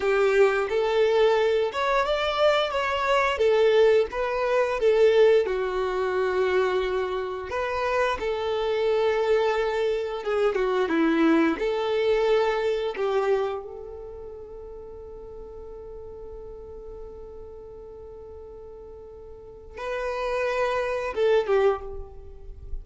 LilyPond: \new Staff \with { instrumentName = "violin" } { \time 4/4 \tempo 4 = 88 g'4 a'4. cis''8 d''4 | cis''4 a'4 b'4 a'4 | fis'2. b'4 | a'2. gis'8 fis'8 |
e'4 a'2 g'4 | a'1~ | a'1~ | a'4 b'2 a'8 g'8 | }